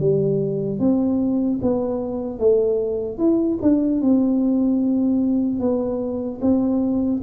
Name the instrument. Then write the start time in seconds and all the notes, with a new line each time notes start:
tuba
0.00 G3
0.80 C4
1.62 B3
2.40 A3
3.19 E4
3.62 D4
4.02 C4
5.60 B3
6.42 C4